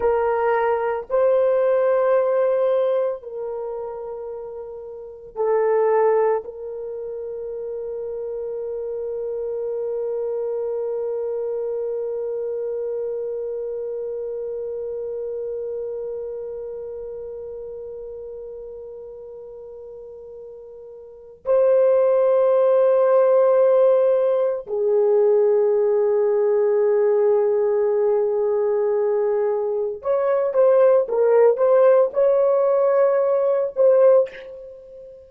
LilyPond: \new Staff \with { instrumentName = "horn" } { \time 4/4 \tempo 4 = 56 ais'4 c''2 ais'4~ | ais'4 a'4 ais'2~ | ais'1~ | ais'1~ |
ais'1 | c''2. gis'4~ | gis'1 | cis''8 c''8 ais'8 c''8 cis''4. c''8 | }